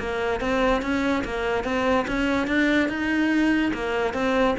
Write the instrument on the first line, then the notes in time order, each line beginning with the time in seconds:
cello
0.00 A#3
0.41 C4
0.82 C#4
1.25 A#3
1.65 C4
2.08 C#4
2.48 D4
2.89 D#4
3.74 A#3
4.14 C4